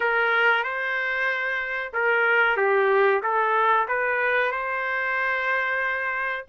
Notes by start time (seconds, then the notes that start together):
0.00 A#4
0.63 C5
1.93 A#4
2.56 G4
3.22 A4
3.87 B4
4.51 C5